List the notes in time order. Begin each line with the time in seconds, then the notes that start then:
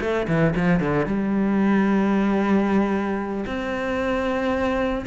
0.00 A3
0.27 E3
0.56 F3
0.80 D3
1.05 G3
3.46 C4